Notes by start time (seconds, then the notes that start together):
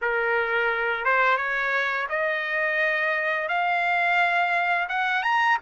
0.01 A#4
1.05 C5
1.37 C#5
2.09 D#5
3.48 F5
4.88 F#5
5.22 A#5